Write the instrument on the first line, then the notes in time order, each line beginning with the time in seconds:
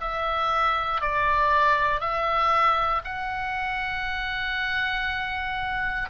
oboe
0.00 E5
1.01 D5
2.00 E5
3.04 F#5